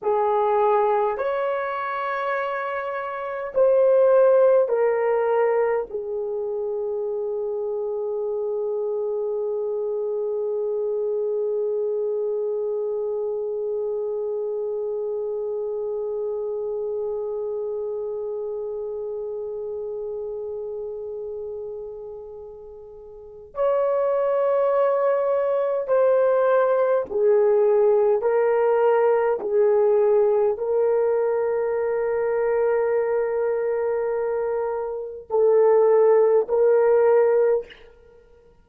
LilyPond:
\new Staff \with { instrumentName = "horn" } { \time 4/4 \tempo 4 = 51 gis'4 cis''2 c''4 | ais'4 gis'2.~ | gis'1~ | gis'1~ |
gis'1 | cis''2 c''4 gis'4 | ais'4 gis'4 ais'2~ | ais'2 a'4 ais'4 | }